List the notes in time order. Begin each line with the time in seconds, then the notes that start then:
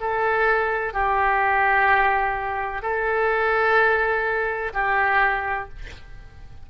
0.00 A4
0.93 G4
2.82 A4
4.74 G4